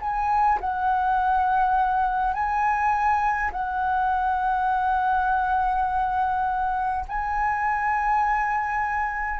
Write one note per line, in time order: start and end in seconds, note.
0.00 0.59 G#5
0.60 2.33 F#5
2.33 3.51 G#5
3.52 7.05 F#5
7.07 9.39 G#5